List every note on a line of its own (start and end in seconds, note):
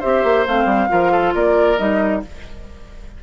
0.00 0.24 C4
0.00 0.46 G4
0.00 0.88 C5
0.00 0.46 E5
0.24 0.46 A#3
0.47 0.65 A3
0.47 0.89 C4
0.47 1.35 F5
0.65 0.87 G3
0.89 1.35 F3
0.89 1.77 F4
0.89 1.12 A#4
1.12 1.34 A4
1.35 1.79 A#3
1.35 2.22 A#4
1.35 1.79 D5
1.78 2.23 G3
1.78 2.22 D#4
1.78 2.23 D#5